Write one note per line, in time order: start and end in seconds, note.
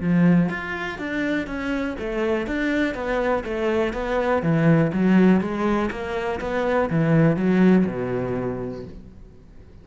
0.00 0.49 F3
0.49 0.98 F4
0.98 1.47 D4
1.47 1.96 C#4
1.99 2.47 A3
2.47 2.94 D4
2.94 3.43 B3
3.44 3.93 A3
3.93 4.42 B3
4.42 4.91 E3
4.93 5.41 F#3
5.41 5.90 G#3
5.91 6.40 A#3
6.40 6.89 B3
6.90 7.36 E3
7.36 7.86 F#3
7.86 8.84 B2